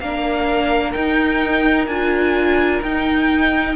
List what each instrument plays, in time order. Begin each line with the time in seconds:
0.00 cello A#3, viola D4, violin A#4 F5
0.91 cello D#4, viola D#4, violin G5
1.87 cello D4, viola F4, violin G#5
2.82 cello D#4, viola D#4, violin G5